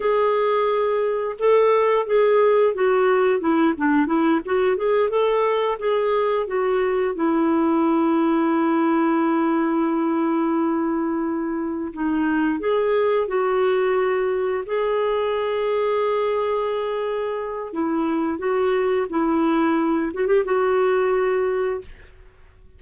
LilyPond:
\new Staff \with { instrumentName = "clarinet" } { \time 4/4 \tempo 4 = 88 gis'2 a'4 gis'4 | fis'4 e'8 d'8 e'8 fis'8 gis'8 a'8~ | a'8 gis'4 fis'4 e'4.~ | e'1~ |
e'4. dis'4 gis'4 fis'8~ | fis'4. gis'2~ gis'8~ | gis'2 e'4 fis'4 | e'4. fis'16 g'16 fis'2 | }